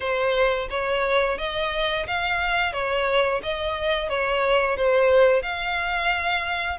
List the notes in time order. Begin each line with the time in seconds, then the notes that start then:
0.00 C5
0.70 C#5
1.38 D#5
2.07 F5
2.72 C#5
3.42 D#5
4.09 C#5
4.77 C5
5.42 F5